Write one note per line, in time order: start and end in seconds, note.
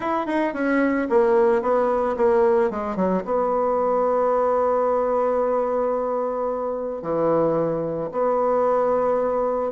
0.00 0.26 E4
0.26 0.53 D#4
0.53 1.07 C#4
1.09 1.62 A#3
1.62 2.16 B3
2.16 2.70 A#3
2.70 2.96 G#3
2.96 3.23 F#3
3.25 7.01 B3
7.01 8.10 E3
8.11 9.71 B3